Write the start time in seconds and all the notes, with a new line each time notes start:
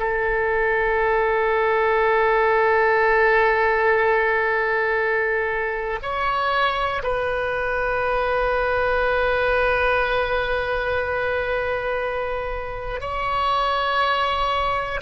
0.00 A4
6.03 C#5
7.04 B4
13.01 C#5